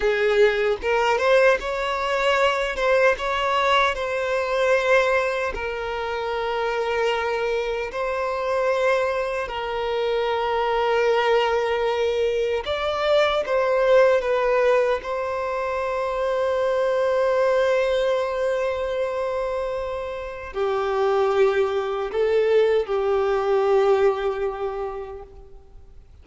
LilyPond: \new Staff \with { instrumentName = "violin" } { \time 4/4 \tempo 4 = 76 gis'4 ais'8 c''8 cis''4. c''8 | cis''4 c''2 ais'4~ | ais'2 c''2 | ais'1 |
d''4 c''4 b'4 c''4~ | c''1~ | c''2 g'2 | a'4 g'2. | }